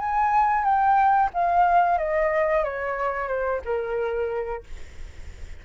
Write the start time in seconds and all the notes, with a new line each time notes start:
0.00 G#5
0.64 G5
1.34 F5
1.98 D#5
2.64 C#5
3.28 C5
3.65 A#4